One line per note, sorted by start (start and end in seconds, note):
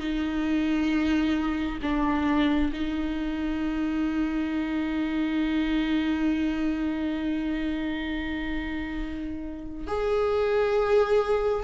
0.00 1.79 D#4
1.82 2.72 D4
2.73 9.87 D#4
9.87 11.64 G#4